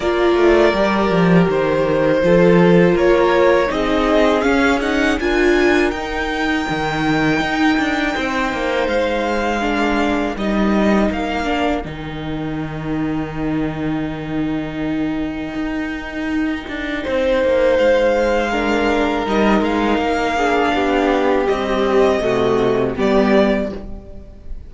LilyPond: <<
  \new Staff \with { instrumentName = "violin" } { \time 4/4 \tempo 4 = 81 d''2 c''2 | cis''4 dis''4 f''8 fis''8 gis''4 | g''1 | f''2 dis''4 f''4 |
g''1~ | g''1 | f''2 dis''8 f''4.~ | f''4 dis''2 d''4 | }
  \new Staff \with { instrumentName = "violin" } { \time 4/4 ais'2. a'4 | ais'4 gis'2 ais'4~ | ais'2. c''4~ | c''4 ais'2.~ |
ais'1~ | ais'2. c''4~ | c''4 ais'2~ ais'8 gis'8 | g'2 fis'4 g'4 | }
  \new Staff \with { instrumentName = "viola" } { \time 4/4 f'4 g'2 f'4~ | f'4 dis'4 cis'8 dis'8 f'4 | dis'1~ | dis'4 d'4 dis'4. d'8 |
dis'1~ | dis'1~ | dis'4 d'4 dis'4. d'8~ | d'4 g4 a4 b4 | }
  \new Staff \with { instrumentName = "cello" } { \time 4/4 ais8 a8 g8 f8 dis4 f4 | ais4 c'4 cis'4 d'4 | dis'4 dis4 dis'8 d'8 c'8 ais8 | gis2 g4 ais4 |
dis1~ | dis4 dis'4. d'8 c'8 ais8 | gis2 g8 gis8 ais4 | b4 c'4 c4 g4 | }
>>